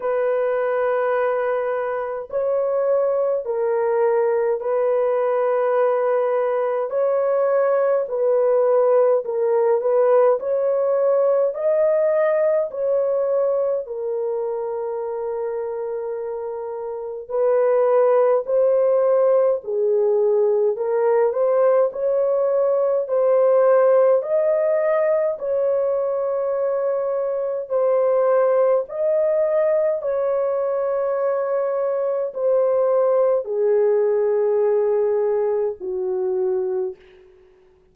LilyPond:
\new Staff \with { instrumentName = "horn" } { \time 4/4 \tempo 4 = 52 b'2 cis''4 ais'4 | b'2 cis''4 b'4 | ais'8 b'8 cis''4 dis''4 cis''4 | ais'2. b'4 |
c''4 gis'4 ais'8 c''8 cis''4 | c''4 dis''4 cis''2 | c''4 dis''4 cis''2 | c''4 gis'2 fis'4 | }